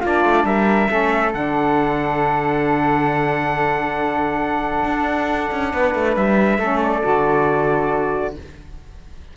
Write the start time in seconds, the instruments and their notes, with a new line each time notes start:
0.00 cello A#3, saxophone D4, flute F4, trumpet D5
0.24 cello A3
0.44 cello G3, flute A#4, trumpet E5
0.88 cello A3, saxophone C#4, flute A4
1.33 cello D3, saxophone D4, trumpet F#5
4.85 cello D4
5.51 cello C#4
5.73 cello B3, flute B4
5.95 cello A3
6.16 cello G3, trumpet E5
6.58 cello A3, saxophone C#4, flute A4
6.82 trumpet D5
7.03 cello D3, saxophone F#4